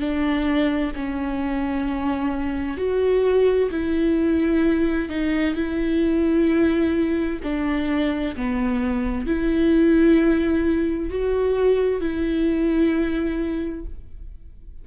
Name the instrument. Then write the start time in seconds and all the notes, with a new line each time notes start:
viola
0.00 D4
0.96 C#4
2.78 F#4
3.71 E4
5.10 D#4
5.56 E4
7.43 D4
8.36 B3
9.27 E4
11.11 F#4
12.01 E4